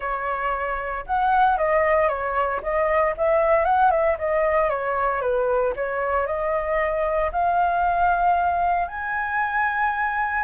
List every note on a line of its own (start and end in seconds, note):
0.00 1.04 C#5
1.06 1.57 F#5
1.57 2.08 D#5
2.08 2.60 C#5
2.62 3.14 D#5
3.17 3.64 E5
3.64 3.90 F#5
3.90 4.16 E5
4.18 4.69 D#5
4.69 5.21 C#5
5.21 5.73 B4
5.76 6.26 C#5
6.26 7.30 D#5
7.31 8.88 F5
8.88 10.43 G#5